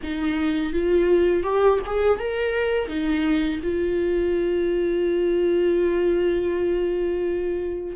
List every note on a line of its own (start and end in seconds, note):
0.02 0.72 D#4
0.72 1.43 F4
1.43 1.79 G4
1.86 2.19 G#4
2.19 2.88 A#4
2.88 3.60 D#4
3.62 7.96 F4